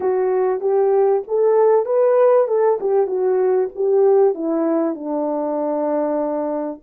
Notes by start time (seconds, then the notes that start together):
0.00 F#4
0.60 G4
1.27 A4
1.85 B4
2.47 A4
2.80 G4
3.06 F#4
3.75 G4
4.34 E4
4.94 D4